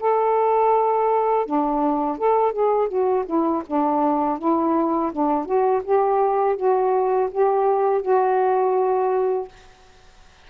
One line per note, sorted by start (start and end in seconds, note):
0.00 1.46 A4
1.46 2.18 D4
2.18 2.53 A4
2.53 2.88 G#4
2.88 3.25 F#4
3.26 3.63 E4
3.67 4.39 D4
4.39 5.12 E4
5.13 5.46 D4
5.46 5.82 F#4
5.84 6.57 G4
6.57 7.30 F#4
7.31 8.02 G4
8.02 9.49 F#4